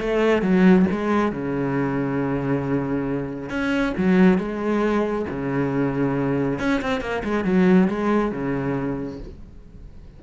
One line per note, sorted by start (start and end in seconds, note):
0.00 0.41 A3
0.41 0.85 F#3
0.91 1.32 G#3
1.32 3.49 C#3
3.49 3.93 C#4
3.97 4.38 F#3
4.38 5.25 G#3
5.30 6.59 C#3
6.59 6.81 C#4
6.81 7.00 C4
7.00 7.22 A#3
7.24 7.44 G#3
7.44 7.88 F#3
7.88 8.31 G#3
8.31 9.19 C#3